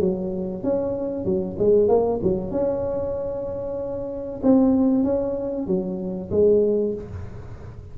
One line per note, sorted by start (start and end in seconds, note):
0.00 0.63 F#3
0.63 1.25 C#4
1.25 1.57 F#3
1.58 1.88 G#3
1.88 2.20 A#3
2.22 2.51 F#3
2.51 4.41 C#4
4.43 5.04 C4
5.04 5.67 C#4
5.67 6.30 F#3
6.31 6.94 G#3